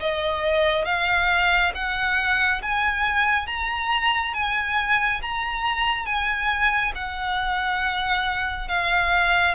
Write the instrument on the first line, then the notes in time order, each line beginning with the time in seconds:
violin
0.00 D#5
0.86 F5
1.75 F#5
2.62 G#5
3.47 A#5
4.34 G#5
5.22 A#5
6.06 G#5
6.95 F#5
8.69 F5